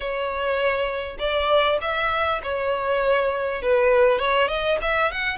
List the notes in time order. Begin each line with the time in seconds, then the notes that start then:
0.00 C#5
1.18 D5
1.81 E5
2.43 C#5
3.62 B4
4.18 C#5
4.48 D#5
4.81 E5
5.11 F#5